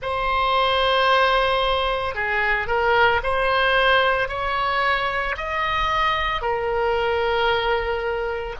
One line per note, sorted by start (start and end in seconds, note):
0.02 2.14 C5
2.14 2.67 G#4
2.67 3.20 A#4
3.23 4.28 C5
4.28 5.35 C#5
5.37 6.41 D#5
6.41 8.55 A#4